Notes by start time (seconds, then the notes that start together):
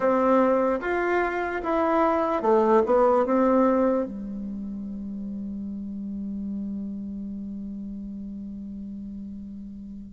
0.00 C4
0.80 F4
1.63 E4
2.41 A3
2.86 B3
3.25 C4
4.05 G3